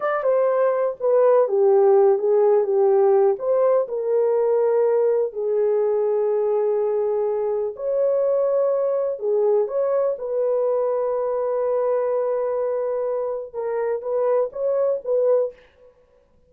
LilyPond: \new Staff \with { instrumentName = "horn" } { \time 4/4 \tempo 4 = 124 d''8 c''4. b'4 g'4~ | g'8 gis'4 g'4. c''4 | ais'2. gis'4~ | gis'1 |
cis''2. gis'4 | cis''4 b'2.~ | b'1 | ais'4 b'4 cis''4 b'4 | }